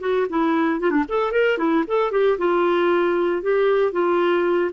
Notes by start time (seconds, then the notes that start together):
0.00 F#4
0.29 E4
0.80 F4
0.90 D4
1.08 A4
1.31 A#4
1.57 E4
1.87 A4
2.11 G4
2.38 F4
3.42 G4
3.92 F4